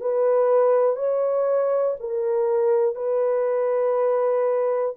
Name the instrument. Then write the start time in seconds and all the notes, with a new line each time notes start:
horn
0.00 B4
0.96 C#5
2.00 A#4
2.95 B4